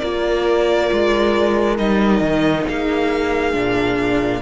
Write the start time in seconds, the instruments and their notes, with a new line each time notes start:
0.00 cello A#3, viola F4, horn A#4, violin D5
0.92 cello G#3
1.78 cello G3, viola D#4, violin D#5
2.21 cello D#3
2.67 cello A#3, horn G#4, violin F5
3.53 cello A#2, viola D4